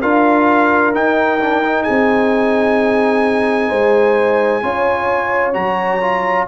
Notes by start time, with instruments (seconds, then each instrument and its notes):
0.00 tuba D4, trombone F4, horn A#4, trumpet F5
0.93 trombone D#4, tuba D#4, trumpet G5
1.40 trombone D4
1.64 trombone D#4
1.82 tuba C4, horn G#4, trumpet G#5
3.68 tuba G#3, horn C5
4.62 tuba C#4, trombone F4, horn C#5
5.53 tuba F#3, trombone F#4, trumpet A#5
6.01 trombone F4